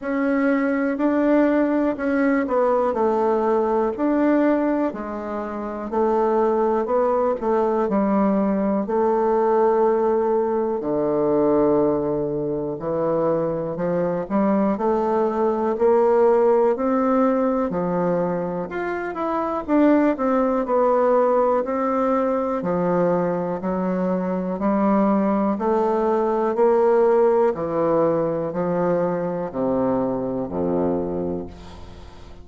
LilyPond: \new Staff \with { instrumentName = "bassoon" } { \time 4/4 \tempo 4 = 61 cis'4 d'4 cis'8 b8 a4 | d'4 gis4 a4 b8 a8 | g4 a2 d4~ | d4 e4 f8 g8 a4 |
ais4 c'4 f4 f'8 e'8 | d'8 c'8 b4 c'4 f4 | fis4 g4 a4 ais4 | e4 f4 c4 f,4 | }